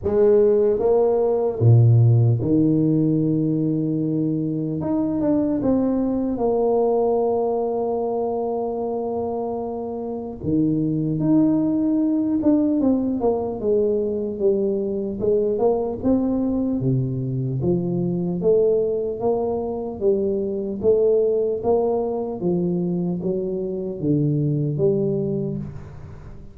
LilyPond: \new Staff \with { instrumentName = "tuba" } { \time 4/4 \tempo 4 = 75 gis4 ais4 ais,4 dis4~ | dis2 dis'8 d'8 c'4 | ais1~ | ais4 dis4 dis'4. d'8 |
c'8 ais8 gis4 g4 gis8 ais8 | c'4 c4 f4 a4 | ais4 g4 a4 ais4 | f4 fis4 d4 g4 | }